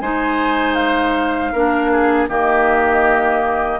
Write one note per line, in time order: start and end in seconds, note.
0.00 1.52 G#3
0.00 1.54 D#4
0.00 1.52 C5
0.00 0.75 G#5
0.75 2.26 F5
1.52 2.29 A#3
1.52 2.28 D4
1.52 1.90 A#4
1.91 2.29 G#4
2.28 3.79 D#3
2.28 3.79 A#3
2.28 3.79 G4
2.28 3.79 D#5